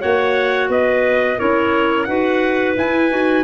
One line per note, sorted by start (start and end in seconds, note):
0.00 0.69 A#3
0.00 1.37 F#4
0.00 0.69 C#5
0.00 0.70 F#5
0.69 1.37 B3
0.69 1.38 B4
0.69 1.39 D#5
1.37 2.07 C#4
1.37 2.06 E4
1.37 2.07 A#4
1.37 2.04 C#5
2.04 2.76 D#4
2.04 2.76 F#4
2.04 3.43 B4
2.04 2.73 F#5
2.77 3.11 E4
2.77 3.09 E4
2.77 3.43 G#5
3.09 3.43 D#4
3.09 3.43 F#4